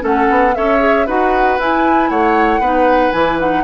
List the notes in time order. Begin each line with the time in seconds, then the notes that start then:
0.00 A3 C#4 A4 F#5
0.30 B3
0.55 C#4 A4 C#5 E5
0.80 G#4
1.07 D#4 F#4 B4 F#5
1.58 E4 G#5
2.10 A3 C#5 F#5
2.60 B3 D#4 B4
3.12 E3 E4 G#5
3.39 D#4 F#5